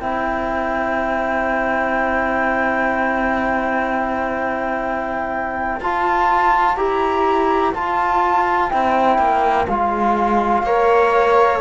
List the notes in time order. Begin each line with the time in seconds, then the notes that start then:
0.00 C4 E4 C5 G5
5.80 F4 A5
6.75 E4 G4 A#5
7.74 F4 A5
8.70 C4 E4 G5
9.18 A#3
9.67 G#3 F4 F5
10.63 A#3 A#4 C#5